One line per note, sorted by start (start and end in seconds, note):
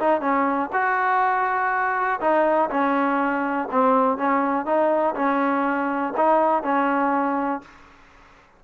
0.00 0.21 D#4
0.21 0.70 C#4
0.72 2.20 F#4
2.20 2.69 D#4
2.70 3.68 C#4
3.71 4.17 C4
4.17 4.66 C#4
4.66 5.15 D#4
5.15 6.14 C#4
6.17 6.63 D#4
6.63 7.62 C#4